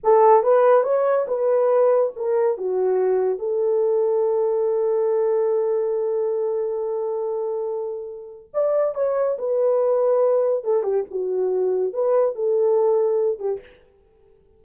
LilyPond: \new Staff \with { instrumentName = "horn" } { \time 4/4 \tempo 4 = 141 a'4 b'4 cis''4 b'4~ | b'4 ais'4 fis'2 | a'1~ | a'1~ |
a'1 | d''4 cis''4 b'2~ | b'4 a'8 g'8 fis'2 | b'4 a'2~ a'8 g'8 | }